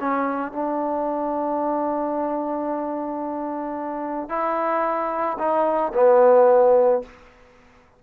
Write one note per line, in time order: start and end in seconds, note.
0.00 0.53 C#4
0.53 4.29 D4
4.29 5.38 E4
5.39 5.93 D#4
5.94 7.02 B3